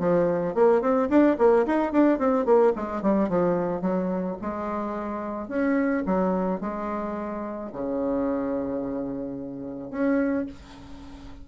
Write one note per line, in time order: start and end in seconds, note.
0.00 0.55 F3
0.55 0.82 A#3
0.82 1.09 C4
1.10 1.37 D4
1.39 1.66 A#3
1.67 1.93 D#4
1.93 2.19 D4
2.19 2.46 C4
2.46 2.73 A#3
2.76 3.03 G#3
3.03 3.30 G3
3.30 3.82 F3
3.82 4.37 F#3
4.42 5.49 G#3
5.49 6.04 C#4
6.07 6.61 F#3
6.61 7.71 G#3
7.73 9.91 C#3
9.91 10.46 C#4